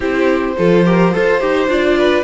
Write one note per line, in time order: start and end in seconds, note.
0.00 0.55 C4
0.00 0.57 E4
0.00 0.54 G4
0.00 1.69 C5
0.57 1.14 F3
0.57 0.85 F4
0.57 0.85 A4
0.85 1.13 G4
0.85 1.13 A#4
1.13 1.41 F4
1.13 1.40 A4
1.13 1.97 C5
1.40 1.67 D#4
1.40 1.68 G4
1.67 2.23 D4
1.67 2.23 F4
1.67 2.23 D5
1.97 2.23 B4